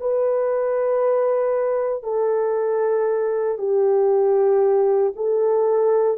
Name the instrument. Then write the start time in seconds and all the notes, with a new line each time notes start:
horn
0.00 B4
2.02 A4
3.57 G4
5.15 A4